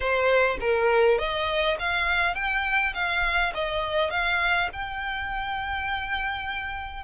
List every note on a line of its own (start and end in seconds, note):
0.00 0.57 C5
0.60 1.18 A#4
1.18 1.77 D#5
1.79 2.34 F5
2.34 2.93 G5
2.94 3.53 F5
3.54 4.10 D#5
4.10 4.69 F5
4.72 7.03 G5